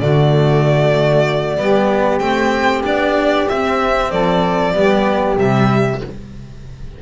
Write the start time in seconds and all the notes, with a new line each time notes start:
0.00 D3 A3 F#4 D5
1.57 G3 B3 G4
2.19 A3 C4 G5
2.84 B3 D4 D5
3.49 C4 E5
4.11 F3 A4 D5
4.73 G3 B3 G4
5.37 C3 G3 E5